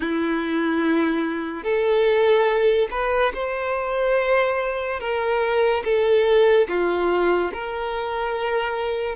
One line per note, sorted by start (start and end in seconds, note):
0.00 1.63 E4
1.63 2.88 A4
2.91 3.32 B4
3.34 5.00 C5
5.00 5.83 A#4
5.84 6.67 A4
6.68 7.51 F4
7.53 9.15 A#4